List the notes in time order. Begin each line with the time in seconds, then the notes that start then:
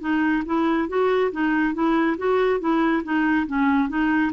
0.00 D#4
0.45 E4
0.88 F#4
1.31 D#4
1.74 E4
2.17 F#4
2.60 E4
3.03 D#4
3.46 C#4
3.88 D#4